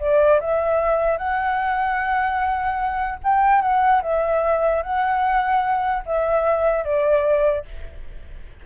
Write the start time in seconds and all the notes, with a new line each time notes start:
0.00 D5
0.41 E5
1.18 F#5
3.24 G5
3.62 F#5
4.03 E5
4.83 F#5
6.06 E5
6.85 D5